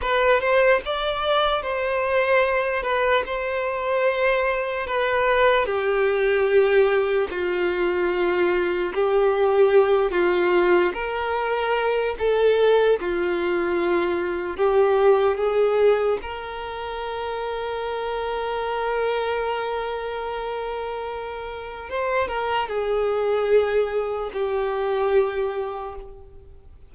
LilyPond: \new Staff \with { instrumentName = "violin" } { \time 4/4 \tempo 4 = 74 b'8 c''8 d''4 c''4. b'8 | c''2 b'4 g'4~ | g'4 f'2 g'4~ | g'8 f'4 ais'4. a'4 |
f'2 g'4 gis'4 | ais'1~ | ais'2. c''8 ais'8 | gis'2 g'2 | }